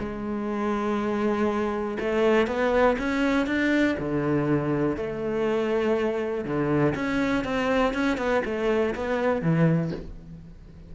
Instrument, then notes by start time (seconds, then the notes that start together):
cello
0.00 G#3
2.00 A3
2.47 B3
2.99 C#4
3.47 D4
4.00 D3
4.97 A3
6.45 D3
6.95 C#4
7.45 C4
7.94 C#4
8.18 B3
8.45 A3
8.95 B3
9.42 E3